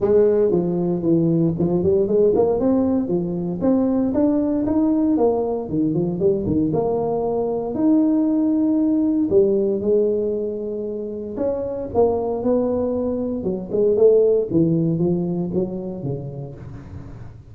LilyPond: \new Staff \with { instrumentName = "tuba" } { \time 4/4 \tempo 4 = 116 gis4 f4 e4 f8 g8 | gis8 ais8 c'4 f4 c'4 | d'4 dis'4 ais4 dis8 f8 | g8 dis8 ais2 dis'4~ |
dis'2 g4 gis4~ | gis2 cis'4 ais4 | b2 fis8 gis8 a4 | e4 f4 fis4 cis4 | }